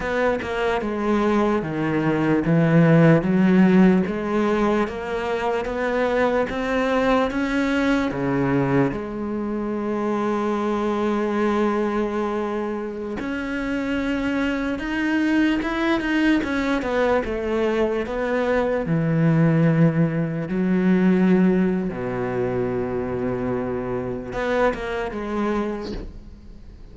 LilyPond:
\new Staff \with { instrumentName = "cello" } { \time 4/4 \tempo 4 = 74 b8 ais8 gis4 dis4 e4 | fis4 gis4 ais4 b4 | c'4 cis'4 cis4 gis4~ | gis1~ |
gis16 cis'2 dis'4 e'8 dis'16~ | dis'16 cis'8 b8 a4 b4 e8.~ | e4~ e16 fis4.~ fis16 b,4~ | b,2 b8 ais8 gis4 | }